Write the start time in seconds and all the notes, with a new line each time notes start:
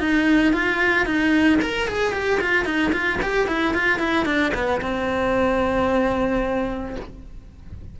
0.00 D#4
0.53 F4
1.06 D#4
1.62 A#4
1.88 G#4
2.13 G4
2.41 F4
2.65 D#4
2.92 F4
3.22 G4
3.47 E4
3.74 F4
3.99 E4
4.25 D4
4.54 B3
4.81 C4